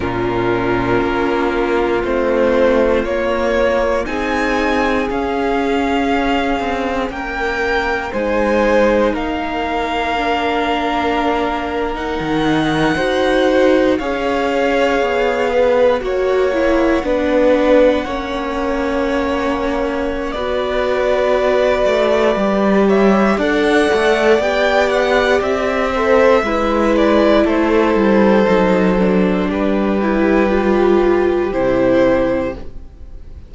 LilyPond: <<
  \new Staff \with { instrumentName = "violin" } { \time 4/4 \tempo 4 = 59 ais'2 c''4 cis''4 | gis''4 f''2 g''4 | gis''4 f''2~ f''8. fis''16~ | fis''4.~ fis''16 f''2 fis''16~ |
fis''1 | d''2~ d''8 e''8 fis''4 | g''8 fis''8 e''4. d''8 c''4~ | c''4 b'2 c''4 | }
  \new Staff \with { instrumentName = "violin" } { \time 4/4 f'1 | gis'2. ais'4 | c''4 ais'2.~ | ais'8. c''4 cis''4. b'8 cis''16~ |
cis''8. b'4 cis''2~ cis''16 | b'2~ b'8 cis''8 d''4~ | d''4. c''8 b'4 a'4~ | a'4 g'2. | }
  \new Staff \with { instrumentName = "viola" } { \time 4/4 cis'2 c'4 ais4 | dis'4 cis'2. | dis'2 d'4.~ d'16 dis'16~ | dis'8. fis'4 gis'2 fis'16~ |
fis'16 e'8 d'4 cis'2~ cis'16 | fis'2 g'4 a'4 | g'4. a'8 e'2 | dis'8 d'4 e'8 f'4 e'4 | }
  \new Staff \with { instrumentName = "cello" } { \time 4/4 ais,4 ais4 a4 ais4 | c'4 cis'4. c'8 ais4 | gis4 ais2. | dis8. dis'4 cis'4 b4 ais16~ |
ais8. b4 ais2~ ais16 | b4. a8 g4 d'8 a8 | b4 c'4 gis4 a8 g8 | fis4 g2 c4 | }
>>